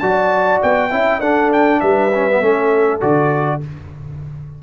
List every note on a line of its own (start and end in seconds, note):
0.00 0.62 F#3
0.00 0.91 F#4
0.00 0.90 D5
0.00 0.60 A5
0.62 0.92 B3
0.62 1.21 G5
0.90 1.21 C#4
0.90 1.21 E4
0.90 1.20 E5
1.20 1.80 D4
1.20 2.12 D4
1.20 1.80 A4
1.20 1.51 F#5
1.53 1.81 G5
1.81 2.42 G3
1.81 2.41 B4
1.81 3.01 E5
2.15 2.30 C#4
2.30 2.42 B3
2.41 3.02 A3
2.41 3.01 C#4
2.41 3.61 A4
3.01 3.63 D3
3.01 3.61 F#4
3.01 3.62 D5